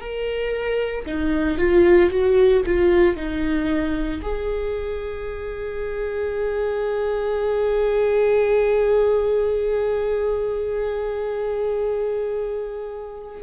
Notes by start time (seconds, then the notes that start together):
0.00 A#4
1.06 D#4
1.58 F4
2.11 F#4
2.66 F4
3.16 D#4
4.22 G#4